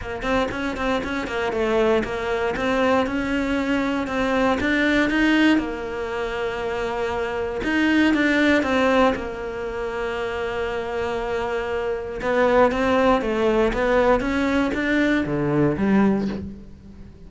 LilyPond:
\new Staff \with { instrumentName = "cello" } { \time 4/4 \tempo 4 = 118 ais8 c'8 cis'8 c'8 cis'8 ais8 a4 | ais4 c'4 cis'2 | c'4 d'4 dis'4 ais4~ | ais2. dis'4 |
d'4 c'4 ais2~ | ais1 | b4 c'4 a4 b4 | cis'4 d'4 d4 g4 | }